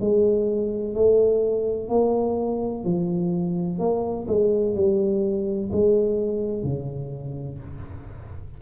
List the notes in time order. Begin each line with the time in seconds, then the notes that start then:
0.00 G#3
0.94 A3
1.89 A#3
2.84 F3
3.79 A#3
4.27 G#3
4.75 G3
5.72 G#3
6.63 C#3